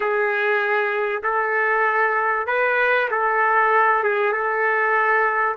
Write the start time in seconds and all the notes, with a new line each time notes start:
0.00 G#4
1.23 A4
2.47 B4
3.10 A4
4.03 G#4
4.32 A4